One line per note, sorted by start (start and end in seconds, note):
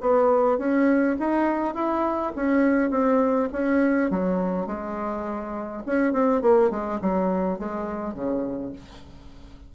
0.00 0.58 B3
0.58 1.16 C#4
1.19 1.74 D#4
1.74 2.32 E4
2.36 2.90 C#4
2.90 3.48 C4
3.52 4.10 C#4
4.10 4.66 F#3
4.66 5.83 G#3
5.86 6.13 C#4
6.13 6.41 C4
6.41 6.70 A#3
6.70 7.00 G#3
7.01 7.59 F#3
7.59 8.14 G#3
8.14 8.72 C#3